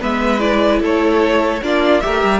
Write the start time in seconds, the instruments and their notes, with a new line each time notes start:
0.00 cello G#3, viola B3, violin B4 E5
0.40 viola E4, violin D5
0.81 cello A3, violin A4 C#5
1.62 cello A#3, viola D4, violin F4 D5
2.01 cello A3, viola G4, violin A#4 E5
2.23 cello G3